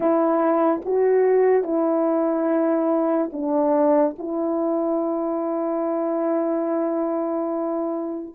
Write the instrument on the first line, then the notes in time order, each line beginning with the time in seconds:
horn
0.00 E4
0.84 F#4
1.63 E4
3.32 D4
4.18 E4